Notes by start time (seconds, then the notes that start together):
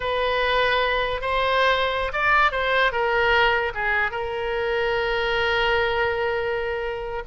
0.00 B4
1.21 C5
2.13 D5
2.51 C5
2.92 A#4
3.74 G#4
4.11 A#4